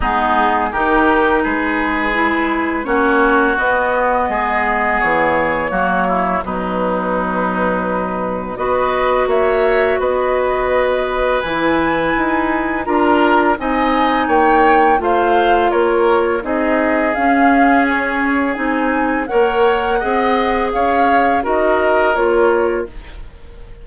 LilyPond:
<<
  \new Staff \with { instrumentName = "flute" } { \time 4/4 \tempo 4 = 84 gis'4 ais'4 b'2 | cis''4 dis''2 cis''4~ | cis''4 b'2. | dis''4 e''4 dis''2 |
gis''2 ais''4 gis''4 | g''4 f''4 cis''4 dis''4 | f''4 cis''4 gis''4 fis''4~ | fis''4 f''4 dis''4 cis''4 | }
  \new Staff \with { instrumentName = "oboe" } { \time 4/4 dis'4 g'4 gis'2 | fis'2 gis'2 | fis'8 e'8 dis'2. | b'4 cis''4 b'2~ |
b'2 ais'4 dis''4 | cis''4 c''4 ais'4 gis'4~ | gis'2. cis''4 | dis''4 cis''4 ais'2 | }
  \new Staff \with { instrumentName = "clarinet" } { \time 4/4 b4 dis'2 e'4 | cis'4 b2. | ais4 fis2. | fis'1 |
e'2 f'4 dis'4~ | dis'4 f'2 dis'4 | cis'2 dis'4 ais'4 | gis'2 fis'4 f'4 | }
  \new Staff \with { instrumentName = "bassoon" } { \time 4/4 gis4 dis4 gis2 | ais4 b4 gis4 e4 | fis4 b,2. | b4 ais4 b2 |
e4 dis'4 d'4 c'4 | ais4 a4 ais4 c'4 | cis'2 c'4 ais4 | c'4 cis'4 dis'4 ais4 | }
>>